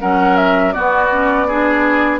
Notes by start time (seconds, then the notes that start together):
0.00 F#3 C#4 A#4 F#5
0.36 E5
0.72 B3 F#4 D5
1.11 C#4
1.47 D4 G#4